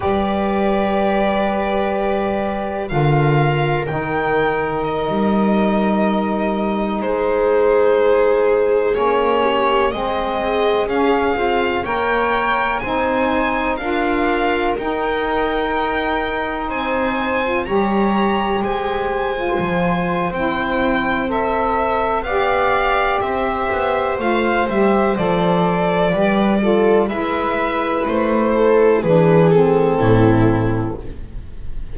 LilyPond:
<<
  \new Staff \with { instrumentName = "violin" } { \time 4/4 \tempo 4 = 62 d''2. f''4 | g''4 dis''2~ dis''16 c''8.~ | c''4~ c''16 cis''4 dis''4 f''8.~ | f''16 g''4 gis''4 f''4 g''8.~ |
g''4~ g''16 gis''4 ais''4 gis''8.~ | gis''4 g''4 e''4 f''4 | e''4 f''8 e''8 d''2 | e''4 c''4 b'8 a'4. | }
  \new Staff \with { instrumentName = "viola" } { \time 4/4 b'2. ais'4~ | ais'2.~ ais'16 gis'8.~ | gis'4.~ gis'16 g'8 gis'4.~ gis'16~ | gis'16 cis''4 c''4 ais'4.~ ais'16~ |
ais'4~ ais'16 c''4 cis''4 c''8.~ | c''2. d''4 | c''2. b'8 a'8 | b'4. a'8 gis'4 e'4 | }
  \new Staff \with { instrumentName = "saxophone" } { \time 4/4 g'2. f'4 | dis'1~ | dis'4~ dis'16 cis'4 c'4 cis'8 f'16~ | f'16 ais'4 dis'4 f'4 dis'8.~ |
dis'2 f'16 g'4.~ g'16 | f'4 e'4 a'4 g'4~ | g'4 f'8 g'8 a'4 g'8 f'8 | e'2 d'8 c'4. | }
  \new Staff \with { instrumentName = "double bass" } { \time 4/4 g2. d4 | dis4~ dis16 g2 gis8.~ | gis4~ gis16 ais4 gis4 cis'8 c'16~ | c'16 ais4 c'4 d'4 dis'8.~ |
dis'4~ dis'16 c'4 g4 gis8.~ | gis16 f8. c'2 b4 | c'8 b8 a8 g8 f4 g4 | gis4 a4 e4 a,4 | }
>>